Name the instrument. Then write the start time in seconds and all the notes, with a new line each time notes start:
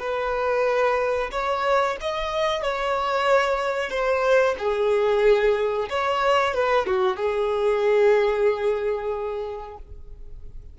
violin
0.00 B4
1.32 C#5
2.01 D#5
2.63 C#5
3.90 C5
4.59 G#4
5.90 C#5
6.55 B4
6.87 F#4
7.17 G#4